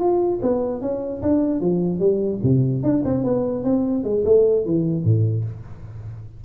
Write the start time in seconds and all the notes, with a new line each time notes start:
0.00 F4
0.43 B3
0.82 C#4
1.23 D4
1.61 F3
2.00 G3
2.43 C3
2.83 D4
3.05 C4
3.24 B3
3.64 C4
4.04 G#3
4.25 A3
4.66 E3
5.04 A2